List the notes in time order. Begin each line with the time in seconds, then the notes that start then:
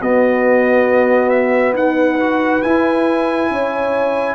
0.00 B3 F#4 D#5
1.29 E5
1.73 D#4 B4 F#5
2.20 F#4
2.62 E4 G#5
3.50 C#4 C#5